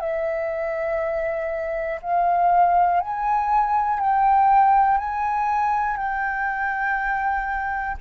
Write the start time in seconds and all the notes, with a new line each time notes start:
0.00 E5
2.01 F5
3.00 G#5
4.00 G5
4.97 G#5
5.96 G5